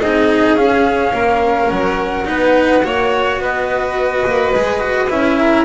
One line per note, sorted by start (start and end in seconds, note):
0.00 0.55 C4
0.00 0.57 D#4
0.00 1.13 G#4
0.00 0.56 D#5
0.55 1.12 C#4
0.55 2.25 C#4
0.55 1.70 F5
1.14 1.70 A#3
1.14 2.28 A#4
1.70 2.28 F#3
1.70 3.40 F#5
2.25 2.85 B3
2.25 2.82 D#4
2.25 2.85 B4
2.84 3.39 A#3
2.84 4.54 F#4
2.84 3.42 C#5
3.39 4.24 B3
3.39 5.38 B4
3.39 5.11 D#5
4.26 4.54 A#3
4.54 5.10 G#3
4.54 4.80 G#4
4.80 5.08 F#4
5.10 5.65 C#4
5.10 5.65 E4
5.10 5.65 E5
5.38 5.65 A#4